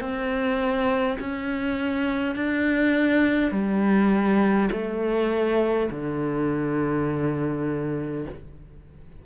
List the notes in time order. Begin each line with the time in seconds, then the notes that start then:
0.00 C4
1.20 C#4
2.35 D4
3.51 G3
4.72 A3
5.90 D3